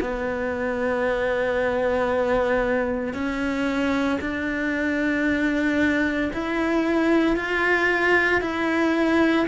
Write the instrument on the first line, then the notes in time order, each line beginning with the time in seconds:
cello
0.00 B3
3.13 C#4
4.21 D4
6.33 E4
7.36 F4
8.41 E4